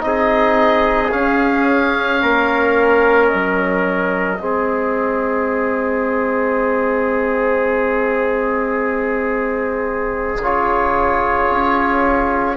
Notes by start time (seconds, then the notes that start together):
0.00 C4 D#4 D#5
0.07 G#4
1.11 C#4 F5
2.22 A#3 A#4
3.27 D#5
3.33 F#3
4.38 G#3 C4 G#4
10.39 C#3 F4 C#5
11.50 C#4